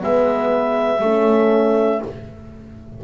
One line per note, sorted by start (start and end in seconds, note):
0.00 1.02 G#3
0.00 1.00 B3
0.00 1.02 B4
0.00 2.03 E5
1.02 2.02 A3
1.02 2.04 C#4
1.02 2.02 A4